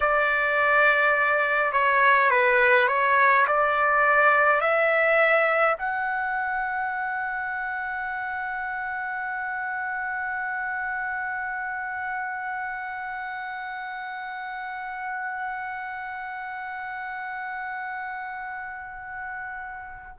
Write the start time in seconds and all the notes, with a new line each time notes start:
0.00 D5
1.72 C#5
2.30 B4
2.88 C#5
3.47 D5
4.60 E5
5.77 F#5